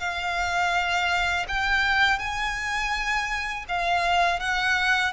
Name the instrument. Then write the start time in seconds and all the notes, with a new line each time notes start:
violin
0.00 F5
1.48 G5
2.19 G#5
3.69 F5
4.40 F#5